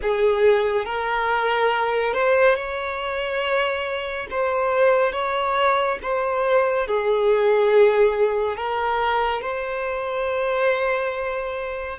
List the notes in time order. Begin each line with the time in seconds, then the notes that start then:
0.02 G#4
0.85 A#4
2.13 C5
2.55 C#5
4.30 C5
5.12 C#5
6.02 C5
6.86 G#4
8.56 A#4
9.41 C5